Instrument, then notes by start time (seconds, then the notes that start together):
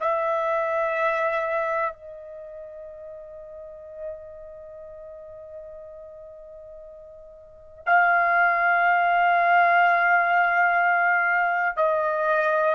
trumpet
0.00 E5
1.93 D#5
7.86 F5
11.77 D#5